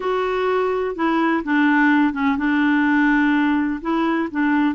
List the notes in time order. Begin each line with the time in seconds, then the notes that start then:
0.00 F#4
0.95 E4
1.44 D4
2.13 C#4
2.37 D4
3.81 E4
4.31 D4